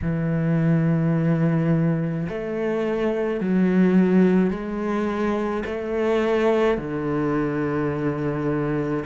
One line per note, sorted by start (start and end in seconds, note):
0.01 2.27 E3
2.28 3.40 A3
3.40 4.50 F#3
4.50 5.63 G#3
5.65 6.77 A3
6.77 9.04 D3